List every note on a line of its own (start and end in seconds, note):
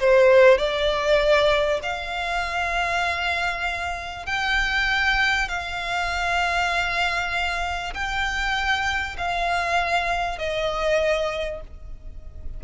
0.00 0.58 C5
0.58 1.81 D5
1.83 4.26 F5
4.26 5.49 G5
5.49 7.94 F5
7.95 9.17 G5
9.18 10.39 F5
10.39 11.61 D#5